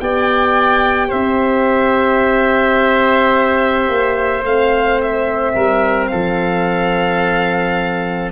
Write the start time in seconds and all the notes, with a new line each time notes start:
0.00 B3 G4 D5 G5
1.08 C4 C5 E5
3.88 A#3
4.43 A3 C4 F5
5.02 E5
5.54 G3 A#4
6.07 F3 A4 F5